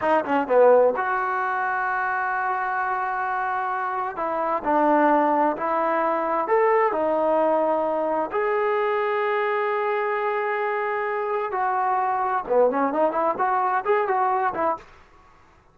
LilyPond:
\new Staff \with { instrumentName = "trombone" } { \time 4/4 \tempo 4 = 130 dis'8 cis'8 b4 fis'2~ | fis'1~ | fis'4 e'4 d'2 | e'2 a'4 dis'4~ |
dis'2 gis'2~ | gis'1~ | gis'4 fis'2 b8 cis'8 | dis'8 e'8 fis'4 gis'8 fis'4 e'8 | }